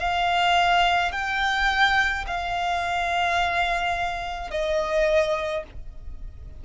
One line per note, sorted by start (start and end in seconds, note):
0.00 1.12 F5
1.12 2.25 G5
2.27 4.51 F5
4.51 5.64 D#5